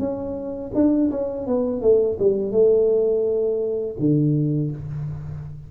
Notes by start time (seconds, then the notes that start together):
0.00 C#4
0.75 D4
1.11 C#4
1.47 B3
1.82 A3
2.20 G3
2.52 A3
4.00 D3